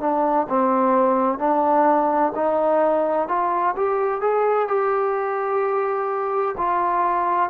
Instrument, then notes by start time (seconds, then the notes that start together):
trombone
0.00 D4
0.49 C4
1.38 D4
2.34 D#4
3.28 F4
3.76 G4
4.21 G#4
4.67 G4
6.57 F4